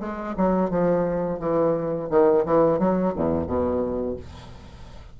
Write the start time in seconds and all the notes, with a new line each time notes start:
0.00 G#3
0.37 F#3
0.70 F3
1.39 E3
2.10 D#3
2.45 E3
2.79 F#3
3.16 E2
3.47 B2